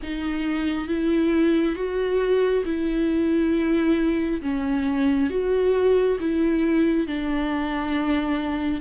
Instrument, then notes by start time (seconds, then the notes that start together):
viola
0.02 D#4
0.88 E4
1.75 F#4
2.65 E4
4.41 C#4
5.29 F#4
6.20 E4
7.07 D4